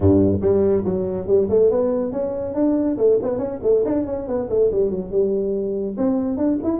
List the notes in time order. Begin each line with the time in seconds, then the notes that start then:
0.00 G2
0.41 G3
0.85 F#3
1.27 G3
1.49 A3
1.70 B3
2.11 C#4
2.54 D4
2.97 A3
3.22 B3
3.38 C#4
3.62 A3
3.85 D4
4.06 C#4
4.27 B3
4.49 A3
4.71 G3
4.90 F#3
5.11 G3
5.97 C4
6.37 D4
6.63 E4